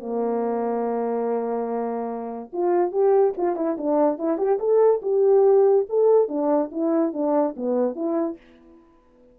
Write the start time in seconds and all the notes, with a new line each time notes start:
0.00 A#3
2.53 F4
2.92 G4
3.38 F4
3.56 E4
3.78 D4
4.19 E4
4.38 G4
4.60 A4
5.03 G4
5.90 A4
6.29 D4
6.72 E4
7.14 D4
7.57 B3
7.96 E4